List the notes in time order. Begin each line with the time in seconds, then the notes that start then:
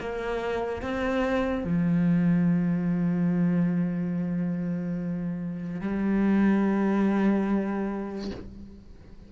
0.00 A#3
0.83 C4
1.65 F3
5.81 G3